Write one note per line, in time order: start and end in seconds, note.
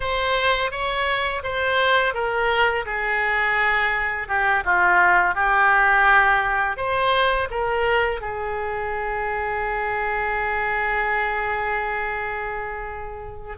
0.00 0.71 C5
0.71 1.42 C#5
1.43 2.14 C5
2.14 2.85 A#4
2.85 4.28 G#4
4.28 4.63 G4
4.64 5.34 F4
5.34 6.77 G4
6.77 7.48 C5
7.50 8.20 A#4
8.20 13.56 G#4